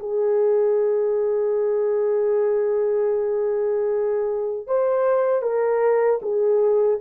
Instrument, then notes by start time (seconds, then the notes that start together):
horn
0.00 G#4
4.67 C5
5.43 A#4
6.22 G#4